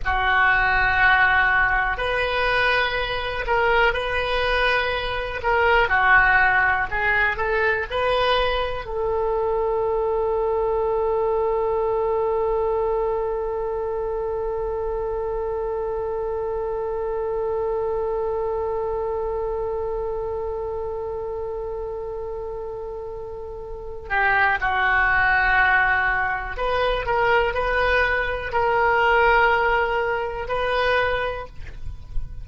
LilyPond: \new Staff \with { instrumentName = "oboe" } { \time 4/4 \tempo 4 = 61 fis'2 b'4. ais'8 | b'4. ais'8 fis'4 gis'8 a'8 | b'4 a'2.~ | a'1~ |
a'1~ | a'1~ | a'8 g'8 fis'2 b'8 ais'8 | b'4 ais'2 b'4 | }